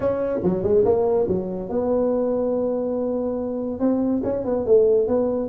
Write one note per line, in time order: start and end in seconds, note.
0.00 0.40 C#4
0.43 0.63 F#3
0.63 0.84 G#3
0.85 1.27 A#3
1.28 1.69 F#3
1.69 3.79 B3
3.79 4.22 C4
4.23 4.44 C#4
4.44 4.65 B3
4.66 5.07 A3
5.07 5.48 B3